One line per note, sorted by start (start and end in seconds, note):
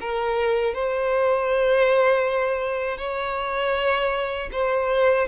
0.00 0.74 A#4
0.74 2.97 C5
2.97 4.49 C#5
4.52 5.28 C5